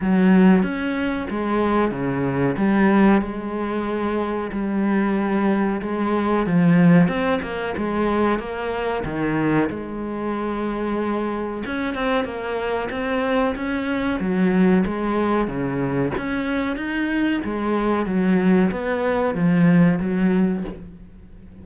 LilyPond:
\new Staff \with { instrumentName = "cello" } { \time 4/4 \tempo 4 = 93 fis4 cis'4 gis4 cis4 | g4 gis2 g4~ | g4 gis4 f4 c'8 ais8 | gis4 ais4 dis4 gis4~ |
gis2 cis'8 c'8 ais4 | c'4 cis'4 fis4 gis4 | cis4 cis'4 dis'4 gis4 | fis4 b4 f4 fis4 | }